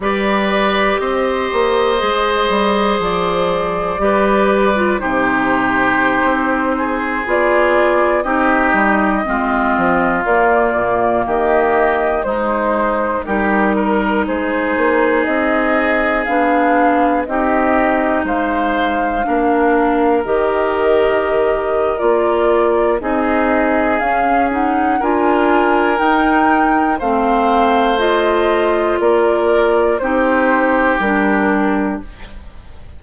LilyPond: <<
  \new Staff \with { instrumentName = "flute" } { \time 4/4 \tempo 4 = 60 d''4 dis''2 d''4~ | d''4 c''2~ c''16 d''8.~ | d''16 dis''2 d''4 dis''8.~ | dis''16 c''4 ais'4 c''4 dis''8.~ |
dis''16 f''4 dis''4 f''4.~ f''16~ | f''16 dis''4.~ dis''16 d''4 dis''4 | f''8 fis''8 gis''4 g''4 f''4 | dis''4 d''4 c''4 ais'4 | }
  \new Staff \with { instrumentName = "oboe" } { \time 4/4 b'4 c''2. | b'4 g'4.~ g'16 gis'4~ gis'16~ | gis'16 g'4 f'2 g'8.~ | g'16 dis'4 g'8 ais'8 gis'4.~ gis'16~ |
gis'4~ gis'16 g'4 c''4 ais'8.~ | ais'2. gis'4~ | gis'4 ais'2 c''4~ | c''4 ais'4 g'2 | }
  \new Staff \with { instrumentName = "clarinet" } { \time 4/4 g'2 gis'2 | g'8. f'16 dis'2~ dis'16 f'8.~ | f'16 dis'4 c'4 ais4.~ ais16~ | ais16 gis4 dis'2~ dis'8.~ |
dis'16 d'4 dis'2 d'8.~ | d'16 g'4.~ g'16 f'4 dis'4 | cis'8 dis'8 f'4 dis'4 c'4 | f'2 dis'4 d'4 | }
  \new Staff \with { instrumentName = "bassoon" } { \time 4/4 g4 c'8 ais8 gis8 g8 f4 | g4 c4~ c16 c'4 b8.~ | b16 c'8 g8 gis8 f8 ais8 ais,8 dis8.~ | dis16 gis4 g4 gis8 ais8 c'8.~ |
c'16 b4 c'4 gis4 ais8.~ | ais16 dis4.~ dis16 ais4 c'4 | cis'4 d'4 dis'4 a4~ | a4 ais4 c'4 g4 | }
>>